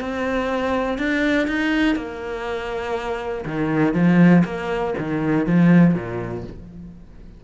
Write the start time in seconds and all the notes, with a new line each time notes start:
0.00 C4
0.98 D4
1.47 D#4
1.96 A#3
3.45 D#3
3.94 F3
4.44 A#3
4.98 D#3
5.46 F3
5.94 A#2